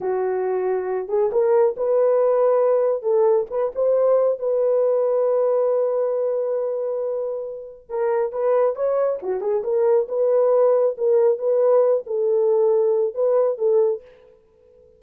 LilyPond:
\new Staff \with { instrumentName = "horn" } { \time 4/4 \tempo 4 = 137 fis'2~ fis'8 gis'8 ais'4 | b'2. a'4 | b'8 c''4. b'2~ | b'1~ |
b'2 ais'4 b'4 | cis''4 fis'8 gis'8 ais'4 b'4~ | b'4 ais'4 b'4. a'8~ | a'2 b'4 a'4 | }